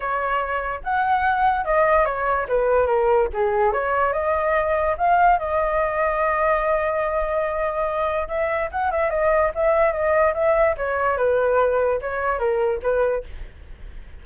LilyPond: \new Staff \with { instrumentName = "flute" } { \time 4/4 \tempo 4 = 145 cis''2 fis''2 | dis''4 cis''4 b'4 ais'4 | gis'4 cis''4 dis''2 | f''4 dis''2.~ |
dis''1 | e''4 fis''8 e''8 dis''4 e''4 | dis''4 e''4 cis''4 b'4~ | b'4 cis''4 ais'4 b'4 | }